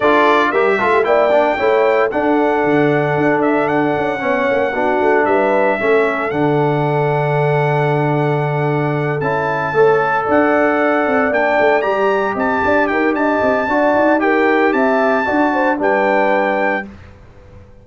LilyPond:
<<
  \new Staff \with { instrumentName = "trumpet" } { \time 4/4 \tempo 4 = 114 d''4 e''4 g''2 | fis''2~ fis''8 e''8 fis''4~ | fis''2 e''2 | fis''1~ |
fis''4. a''2 fis''8~ | fis''4. g''4 ais''4 a''8~ | a''8 g''8 a''2 g''4 | a''2 g''2 | }
  \new Staff \with { instrumentName = "horn" } { \time 4/4 a'4 ais'8 a'16 g'16 d''4 cis''4 | a'1 | cis''4 fis'4 b'4 a'4~ | a'1~ |
a'2~ a'8 cis''4 d''8~ | d''2.~ d''8 dis''8 | d''8 ais'8 dis''4 d''4 ais'4 | e''4 d''8 c''8 b'2 | }
  \new Staff \with { instrumentName = "trombone" } { \time 4/4 f'4 g'8 f'8 e'8 d'8 e'4 | d'1 | cis'4 d'2 cis'4 | d'1~ |
d'4. e'4 a'4.~ | a'4. d'4 g'4.~ | g'2 fis'4 g'4~ | g'4 fis'4 d'2 | }
  \new Staff \with { instrumentName = "tuba" } { \time 4/4 d'4 g8 a8 ais4 a4 | d'4 d4 d'4. cis'8 | b8 ais8 b8 a8 g4 a4 | d1~ |
d4. cis'4 a4 d'8~ | d'4 c'8 ais8 a8 g4 c'8 | d'8 dis'8 d'8 c'8 d'8 dis'4. | c'4 d'4 g2 | }
>>